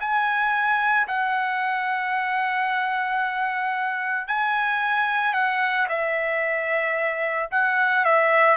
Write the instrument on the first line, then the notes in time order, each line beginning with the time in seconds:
trumpet
0.00 G#5
1.07 F#5
4.28 G#5
5.33 F#5
5.89 E5
7.51 F#5
8.05 E5